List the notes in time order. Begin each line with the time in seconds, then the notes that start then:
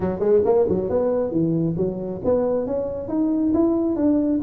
0.00 F#3
0.19 G#3
0.45 A#3
0.69 F#3
0.89 B3
1.31 E3
1.76 F#3
2.24 B3
2.66 C#4
3.08 D#4
3.53 E4
3.96 D4